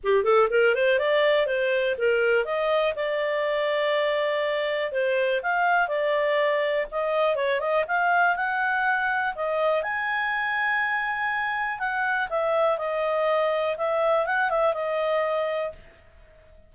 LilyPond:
\new Staff \with { instrumentName = "clarinet" } { \time 4/4 \tempo 4 = 122 g'8 a'8 ais'8 c''8 d''4 c''4 | ais'4 dis''4 d''2~ | d''2 c''4 f''4 | d''2 dis''4 cis''8 dis''8 |
f''4 fis''2 dis''4 | gis''1 | fis''4 e''4 dis''2 | e''4 fis''8 e''8 dis''2 | }